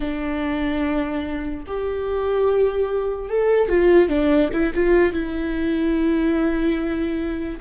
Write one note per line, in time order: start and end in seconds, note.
0.00 1.64 D4
1.66 3.29 G4
3.29 3.68 A4
3.68 4.08 F4
4.08 4.49 D4
4.52 4.73 E4
4.74 5.13 F4
5.13 7.59 E4